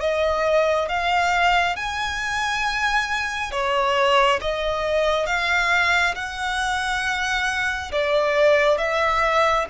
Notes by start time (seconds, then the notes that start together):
0.00 D#5
0.88 F5
1.76 G#5
3.51 C#5
4.41 D#5
5.26 F5
6.14 F#5
7.91 D5
8.77 E5